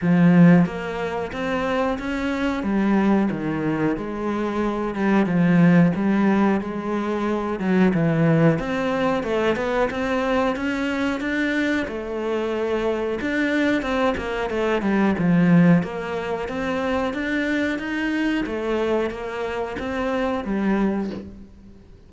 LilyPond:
\new Staff \with { instrumentName = "cello" } { \time 4/4 \tempo 4 = 91 f4 ais4 c'4 cis'4 | g4 dis4 gis4. g8 | f4 g4 gis4. fis8 | e4 c'4 a8 b8 c'4 |
cis'4 d'4 a2 | d'4 c'8 ais8 a8 g8 f4 | ais4 c'4 d'4 dis'4 | a4 ais4 c'4 g4 | }